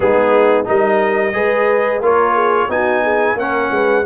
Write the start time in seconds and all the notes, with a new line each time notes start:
0.00 G#3 B3 D#4 G#4
0.64 G3 D#4 A#4 D#5
1.32 G#3 G#4 B4
2.00 A#3 F4 A#4 C#5
2.33 G#4
2.68 B3 D#4 F#4 G#5
3.02 G#4
3.35 A#3 C#4 A#4 F#5
3.70 G#3 B4